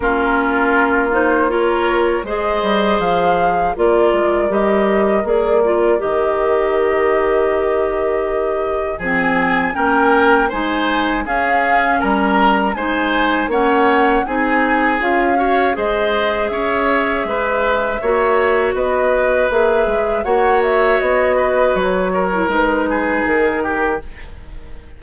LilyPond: <<
  \new Staff \with { instrumentName = "flute" } { \time 4/4 \tempo 4 = 80 ais'4. c''8 cis''4 dis''4 | f''4 d''4 dis''4 d''4 | dis''1 | gis''4 g''4 gis''4 f''4 |
ais''4 gis''4 fis''4 gis''4 | f''4 dis''4 e''2~ | e''4 dis''4 e''4 fis''8 e''8 | dis''4 cis''4 b'4 ais'4 | }
  \new Staff \with { instrumentName = "oboe" } { \time 4/4 f'2 ais'4 c''4~ | c''4 ais'2.~ | ais'1 | gis'4 ais'4 c''4 gis'4 |
ais'4 c''4 cis''4 gis'4~ | gis'8 cis''8 c''4 cis''4 b'4 | cis''4 b'2 cis''4~ | cis''8 b'4 ais'4 gis'4 g'8 | }
  \new Staff \with { instrumentName = "clarinet" } { \time 4/4 cis'4. dis'8 f'4 gis'4~ | gis'4 f'4 g'4 gis'8 f'8 | g'1 | c'4 cis'4 dis'4 cis'4~ |
cis'4 dis'4 cis'4 dis'4 | f'8 fis'8 gis'2. | fis'2 gis'4 fis'4~ | fis'4.~ fis'16 e'16 dis'2 | }
  \new Staff \with { instrumentName = "bassoon" } { \time 4/4 ais2. gis8 g8 | f4 ais8 gis8 g4 ais4 | dis1 | f4 ais4 gis4 cis'4 |
g4 gis4 ais4 c'4 | cis'4 gis4 cis'4 gis4 | ais4 b4 ais8 gis8 ais4 | b4 fis4 gis4 dis4 | }
>>